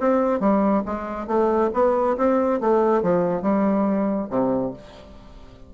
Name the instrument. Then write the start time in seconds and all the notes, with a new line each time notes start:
bassoon
0.00 C4
0.40 G3
0.86 G#3
1.27 A3
1.74 B3
2.17 C4
2.60 A3
3.03 F3
3.42 G3
4.30 C3